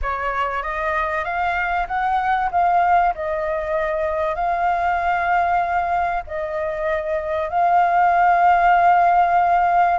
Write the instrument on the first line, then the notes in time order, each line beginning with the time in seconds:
flute
0.01 C#5
0.62 D#5
1.24 F5
1.87 F#5
2.51 F5
3.14 D#5
4.35 F5
6.27 D#5
7.49 F5